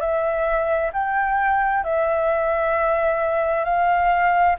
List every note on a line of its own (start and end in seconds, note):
0.00 0.91 E5
0.93 1.83 G5
1.84 3.64 E5
3.64 4.55 F5